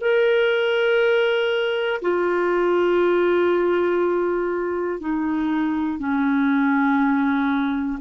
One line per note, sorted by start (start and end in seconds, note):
0.00 2.00 A#4
2.01 5.00 F4
5.00 5.99 D#4
5.99 7.99 C#4